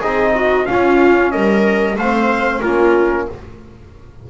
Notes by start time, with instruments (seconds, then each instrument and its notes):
0.00 double bass C4, trombone D#4, viola G#4, trumpet D#5
0.36 viola F#4
0.66 trombone C#4, double bass C#4, viola F4, trumpet F5
1.32 double bass G3, viola A#4, trumpet D#5
1.96 double bass A3, viola C5, trumpet F5
2.03 trombone C4
2.62 double bass A#3, trombone C#4, viola F4, trumpet A#4